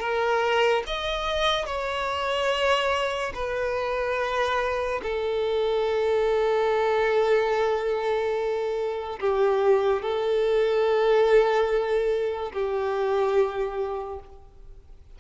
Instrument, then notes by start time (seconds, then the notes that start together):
violin
0.00 A#4
0.87 D#5
1.66 C#5
3.34 B4
5.03 A4
9.20 G4
10.02 A4
12.53 G4